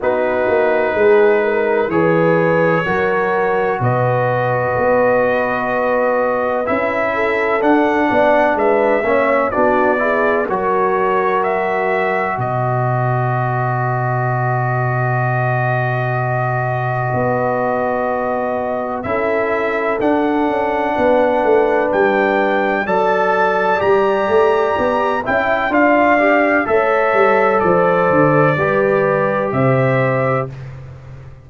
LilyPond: <<
  \new Staff \with { instrumentName = "trumpet" } { \time 4/4 \tempo 4 = 63 b'2 cis''2 | dis''2. e''4 | fis''4 e''4 d''4 cis''4 | e''4 dis''2.~ |
dis''1 | e''4 fis''2 g''4 | a''4 ais''4. g''8 f''4 | e''4 d''2 e''4 | }
  \new Staff \with { instrumentName = "horn" } { \time 4/4 fis'4 gis'8 ais'8 b'4 ais'4 | b'2.~ b'8 a'8~ | a'8 d''8 b'8 cis''8 fis'8 gis'8 ais'4~ | ais'4 b'2.~ |
b'1 | a'2 b'2 | d''2~ d''8 e''8 d''4 | cis''4 c''4 b'4 c''4 | }
  \new Staff \with { instrumentName = "trombone" } { \time 4/4 dis'2 gis'4 fis'4~ | fis'2. e'4 | d'4. cis'8 d'8 e'8 fis'4~ | fis'1~ |
fis'1 | e'4 d'2. | a'4 g'4. e'8 f'8 g'8 | a'2 g'2 | }
  \new Staff \with { instrumentName = "tuba" } { \time 4/4 b8 ais8 gis4 e4 fis4 | b,4 b2 cis'4 | d'8 b8 gis8 ais8 b4 fis4~ | fis4 b,2.~ |
b,2 b2 | cis'4 d'8 cis'8 b8 a8 g4 | fis4 g8 a8 b8 cis'8 d'4 | a8 g8 f8 d8 g4 c4 | }
>>